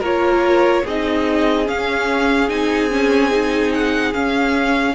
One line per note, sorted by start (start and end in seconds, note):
0.00 0.83 A#3
0.00 0.85 F4
0.00 0.82 A#4
0.00 0.86 C#5
0.83 1.68 C4
0.83 1.65 D#4
0.83 4.94 G#4
0.83 1.68 D#5
1.65 2.47 C#4
1.65 2.49 C#4
1.65 2.49 F5
2.49 4.14 C4
2.49 2.90 D#4
2.49 3.72 G#5
2.90 3.30 C#4
3.30 4.13 D#4
3.74 4.13 F#5
4.13 4.95 C#4
4.13 4.95 F5